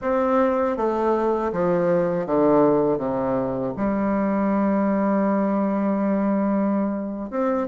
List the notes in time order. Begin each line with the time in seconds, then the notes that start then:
0.01 C4
0.77 A3
1.52 F3
2.26 D3
2.98 C3
3.77 G3
7.30 C4